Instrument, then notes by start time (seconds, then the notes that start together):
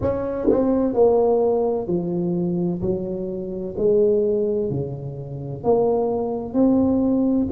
tuba
0.01 C#4
0.49 C4
0.93 A#3
1.87 F3
2.81 F#3
3.77 G#3
4.70 C#3
5.63 A#3
6.53 C4